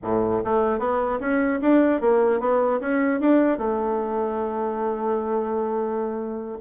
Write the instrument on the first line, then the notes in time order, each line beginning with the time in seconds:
bassoon
0.03 A2
0.44 A3
0.79 B3
1.19 C#4
1.61 D4
2.00 A#3
2.40 B3
2.80 C#4
3.20 D4
3.58 A3